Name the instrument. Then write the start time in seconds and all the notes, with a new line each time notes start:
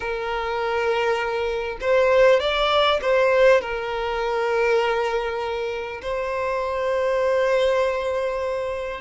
violin
0.00 A#4
1.80 C5
2.40 D5
3.01 C5
3.61 A#4
6.02 C5